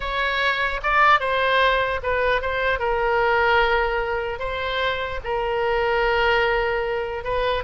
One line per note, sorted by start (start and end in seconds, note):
0.00 0.81 C#5
0.82 1.20 D5
1.20 2.00 C5
2.03 2.41 B4
2.41 2.79 C5
2.79 4.39 A#4
4.39 5.19 C5
5.23 7.24 A#4
7.24 7.63 B4